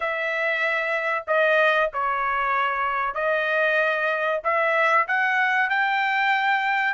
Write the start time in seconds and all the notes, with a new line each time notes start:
0.00 E5
1.27 D#5
1.93 C#5
3.14 D#5
4.44 E5
5.07 F#5
5.69 G5